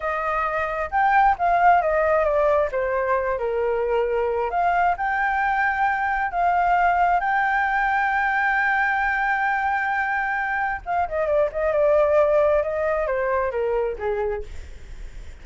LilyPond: \new Staff \with { instrumentName = "flute" } { \time 4/4 \tempo 4 = 133 dis''2 g''4 f''4 | dis''4 d''4 c''4. ais'8~ | ais'2 f''4 g''4~ | g''2 f''2 |
g''1~ | g''1 | f''8 dis''8 d''8 dis''8 d''2 | dis''4 c''4 ais'4 gis'4 | }